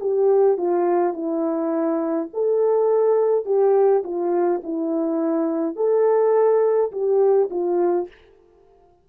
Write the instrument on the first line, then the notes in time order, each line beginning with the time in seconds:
horn
0.00 G4
0.58 F4
1.13 E4
2.33 A4
3.46 G4
4.04 F4
4.64 E4
5.76 A4
6.92 G4
7.50 F4